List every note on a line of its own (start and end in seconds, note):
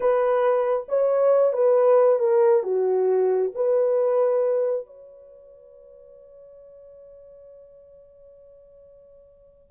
0.00 0.86 B4
0.88 1.53 C#5
1.53 2.19 B4
2.19 2.63 A#4
2.63 3.51 F#4
3.55 4.86 B4
4.86 9.71 C#5